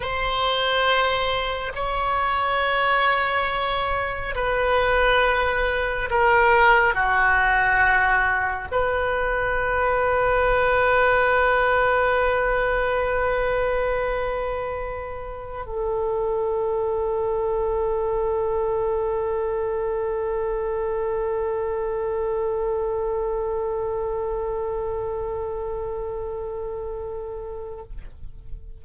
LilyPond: \new Staff \with { instrumentName = "oboe" } { \time 4/4 \tempo 4 = 69 c''2 cis''2~ | cis''4 b'2 ais'4 | fis'2 b'2~ | b'1~ |
b'2 a'2~ | a'1~ | a'1~ | a'1 | }